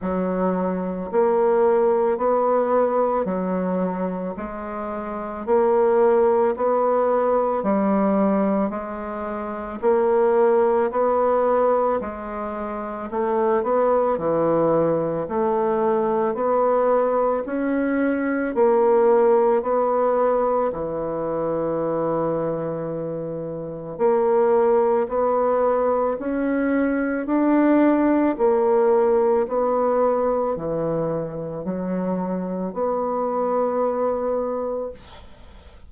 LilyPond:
\new Staff \with { instrumentName = "bassoon" } { \time 4/4 \tempo 4 = 55 fis4 ais4 b4 fis4 | gis4 ais4 b4 g4 | gis4 ais4 b4 gis4 | a8 b8 e4 a4 b4 |
cis'4 ais4 b4 e4~ | e2 ais4 b4 | cis'4 d'4 ais4 b4 | e4 fis4 b2 | }